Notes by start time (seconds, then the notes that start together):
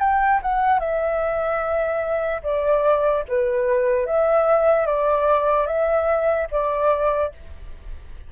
0.00 G5
0.43 F#5
0.80 E5
2.44 D5
3.29 B4
4.07 E5
4.86 D5
5.67 E5
6.52 D5